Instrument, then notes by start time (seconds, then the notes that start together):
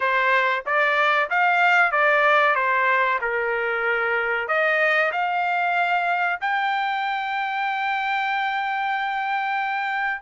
trumpet
0.00 C5
0.66 D5
1.29 F5
1.91 D5
2.55 C5
3.21 A#4
4.47 D#5
5.12 F5
6.40 G5